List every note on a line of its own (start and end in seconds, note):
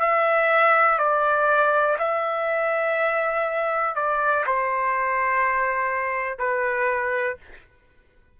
0.00 0.98 E5
0.98 1.97 D5
1.98 3.95 E5
3.95 4.44 D5
4.46 6.38 C5
6.38 7.36 B4